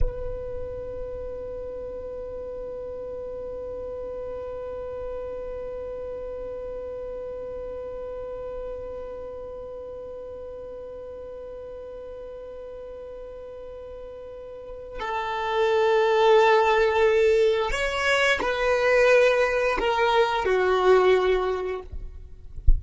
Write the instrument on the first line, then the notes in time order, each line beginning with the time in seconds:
violin
0.00 B4
14.99 A4
17.71 C#5
18.41 B4
19.79 A#4
20.45 F#4